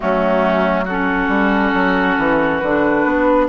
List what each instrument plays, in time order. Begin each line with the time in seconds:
0.00 bassoon F#3, clarinet A3, oboe C#4, flute F#4
0.84 clarinet C#4, oboe F#4, flute A4
1.28 bassoon G3
1.73 bassoon F#3
2.17 bassoon E3
2.58 bassoon D3, flute B4
2.65 clarinet D4
3.05 bassoon B3